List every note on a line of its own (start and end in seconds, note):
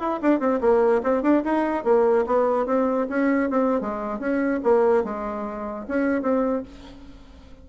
0.00 0.21 E4
0.23 0.40 D4
0.40 0.61 C4
0.61 1.02 A#3
1.04 1.23 C4
1.23 1.43 D4
1.45 1.84 D#4
1.84 2.25 A#3
2.27 2.67 B3
2.67 3.08 C4
3.10 3.50 C#4
3.50 3.81 C4
3.81 4.20 G#3
4.20 4.61 C#4
4.64 5.04 A#3
5.04 5.87 G#3
5.88 6.22 C#4
6.22 6.64 C4